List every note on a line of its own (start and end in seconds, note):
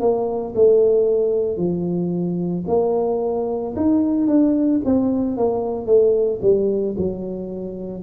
0.00 0.54 A#3
0.55 1.57 A3
1.57 2.64 F3
2.67 3.75 A#3
3.76 4.28 D#4
4.28 4.81 D4
4.85 5.37 C4
5.37 5.86 A#3
5.86 6.40 A3
6.42 6.95 G3
6.97 8.03 F#3